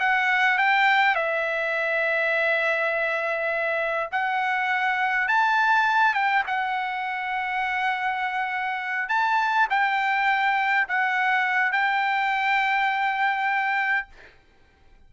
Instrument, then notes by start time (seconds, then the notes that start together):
trumpet
0.00 F#5
0.58 G5
1.16 E5
4.12 F#5
5.29 A5
6.15 G5
6.47 F#5
9.09 A5
9.70 G5
10.89 F#5
11.73 G5